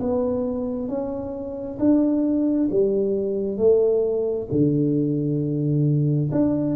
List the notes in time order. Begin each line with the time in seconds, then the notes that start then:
0.00 B3
0.88 C#4
1.79 D4
2.71 G3
3.57 A3
4.51 D3
6.31 D4